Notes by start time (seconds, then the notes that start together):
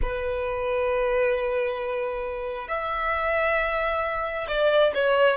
0.02 B4
2.67 E5
4.48 D5
4.94 C#5